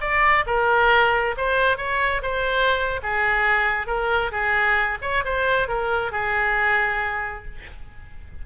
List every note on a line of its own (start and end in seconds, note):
0.00 0.44 D5
0.46 1.35 A#4
1.37 1.77 C5
1.77 2.21 C#5
2.22 3.00 C5
3.03 3.86 G#4
3.86 4.31 A#4
4.31 4.98 G#4
5.01 5.24 C#5
5.24 5.68 C5
5.68 6.11 A#4
6.11 7.45 G#4